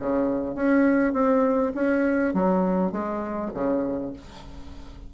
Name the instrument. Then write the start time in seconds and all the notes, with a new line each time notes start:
bassoon
0.00 C#3
0.55 C#4
1.14 C4
1.75 C#4
2.34 F#3
2.92 G#3
3.54 C#3